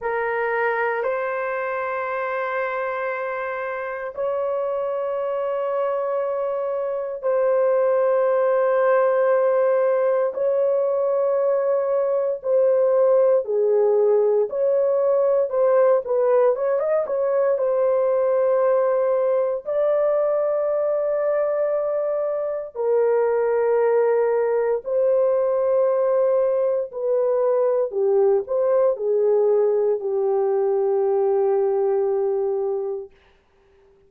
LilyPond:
\new Staff \with { instrumentName = "horn" } { \time 4/4 \tempo 4 = 58 ais'4 c''2. | cis''2. c''4~ | c''2 cis''2 | c''4 gis'4 cis''4 c''8 b'8 |
cis''16 dis''16 cis''8 c''2 d''4~ | d''2 ais'2 | c''2 b'4 g'8 c''8 | gis'4 g'2. | }